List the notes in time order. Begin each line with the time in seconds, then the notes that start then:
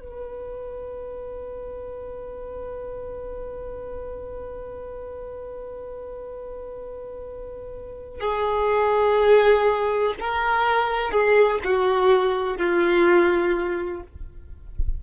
0.00 B4
8.20 G#4
10.20 A#4
11.11 G#4
11.64 F#4
12.58 F4